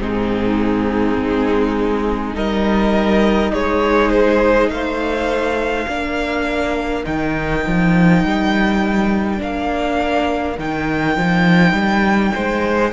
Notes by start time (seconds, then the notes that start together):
0.00 G#2 C4 D#4 G#4
1.18 G#3
2.33 G3 D#4 A#4 D#5
3.52 G#3 G#4 C#5
4.11 C5
4.69 A3 C5 F5
5.88 A#3 D4 A#4
7.04 D#3 D#4 G5
7.67 F3
8.24 G3
9.38 A#3 D4 F5
10.59 D#3 D#4 G5
11.17 F3
11.73 G3
12.33 G#3 C5